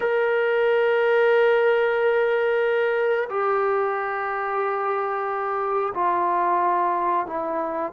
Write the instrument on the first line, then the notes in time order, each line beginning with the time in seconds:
trombone
0.00 A#4
3.29 G4
5.94 F4
7.26 E4